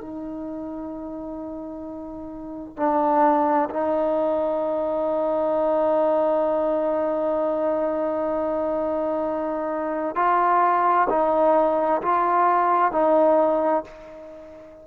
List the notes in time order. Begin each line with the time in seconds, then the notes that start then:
0.00 D#4
2.77 D4
3.70 D#4
10.15 F4
11.09 D#4
12.02 F4
12.92 D#4